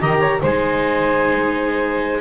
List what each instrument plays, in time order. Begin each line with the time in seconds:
0.00 double bass D#3, viola G4, saxophone D#5, clarinet A#5
0.19 saxophone C#5
0.42 double bass G#3, viola D#4, saxophone C5, clarinet G#5